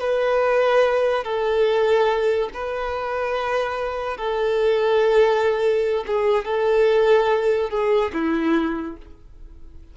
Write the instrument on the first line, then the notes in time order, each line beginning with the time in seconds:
violin
0.00 B4
1.24 A4
2.54 B4
4.17 A4
6.07 G#4
6.45 A4
7.70 G#4
8.14 E4